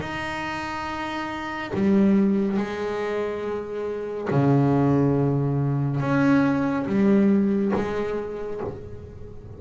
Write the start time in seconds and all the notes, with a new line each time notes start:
0.00 D#4
1.74 G3
2.57 G#3
4.31 C#3
6.00 C#4
6.86 G3
7.75 G#3